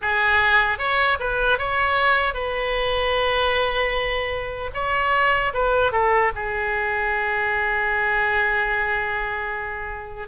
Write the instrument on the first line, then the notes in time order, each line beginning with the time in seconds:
oboe
0.01 G#4
0.78 C#5
1.19 B4
1.58 C#5
2.34 B4
4.74 C#5
5.53 B4
5.92 A4
6.35 G#4